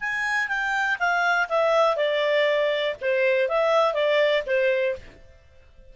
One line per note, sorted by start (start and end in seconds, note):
0.00 0.48 G#5
0.48 0.97 G5
0.99 1.48 F5
1.49 1.96 E5
1.96 2.95 D5
3.01 3.48 C5
3.48 3.93 E5
3.93 4.43 D5
4.46 4.95 C5